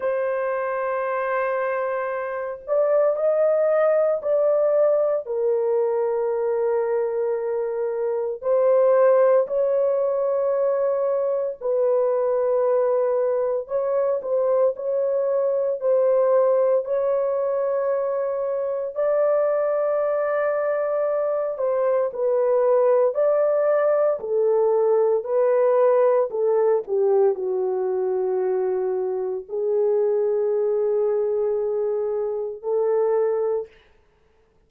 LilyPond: \new Staff \with { instrumentName = "horn" } { \time 4/4 \tempo 4 = 57 c''2~ c''8 d''8 dis''4 | d''4 ais'2. | c''4 cis''2 b'4~ | b'4 cis''8 c''8 cis''4 c''4 |
cis''2 d''2~ | d''8 c''8 b'4 d''4 a'4 | b'4 a'8 g'8 fis'2 | gis'2. a'4 | }